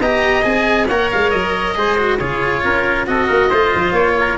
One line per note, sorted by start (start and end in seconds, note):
0.00 0.44 B3
0.00 0.43 G4
0.00 0.88 D#5
0.00 0.44 A#5
0.43 0.89 C4
0.43 0.87 G#4
0.43 0.88 G#5
0.88 1.11 A#3
0.88 1.76 A#4
0.88 1.76 C#5
0.88 1.10 F#5
1.11 1.33 G#3
1.11 1.31 F5
1.31 1.76 F#3
1.31 2.18 D#5
1.76 2.20 G#3
1.76 1.97 G#4
1.76 2.20 C5
1.98 2.20 F#4
2.19 2.64 C#3
2.19 3.07 F4
2.19 2.63 G#4
2.19 3.06 C#5
2.64 3.08 C#4
2.64 3.09 A#4
3.07 3.29 C4
3.07 3.51 F#4
3.07 3.28 A4
3.07 3.94 D#5
3.28 3.52 A#3
3.28 3.49 A#4
3.50 3.74 A3
3.50 4.38 F4
3.50 4.16 C5
3.75 3.92 F3
3.92 4.36 A#3
3.92 4.38 C#5
4.19 4.38 A#4